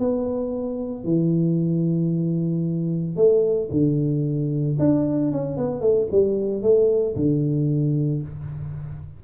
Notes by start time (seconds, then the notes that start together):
0.00 B3
1.05 E3
3.17 A3
3.72 D3
4.80 D4
5.32 C#4
5.57 B3
5.81 A3
6.12 G3
6.63 A3
7.17 D3